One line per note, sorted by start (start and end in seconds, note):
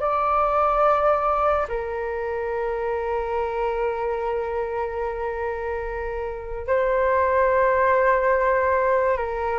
0.00 1.67 D5
1.68 6.67 A#4
6.67 9.17 C5
9.17 9.59 A#4